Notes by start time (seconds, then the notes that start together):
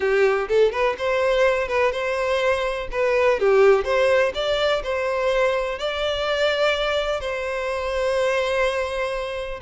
0.00 G4
0.48 A4
0.72 B4
0.98 C5
1.68 B4
1.92 C5
2.91 B4
3.39 G4
3.84 C5
4.34 D5
4.83 C5
5.78 D5
7.20 C5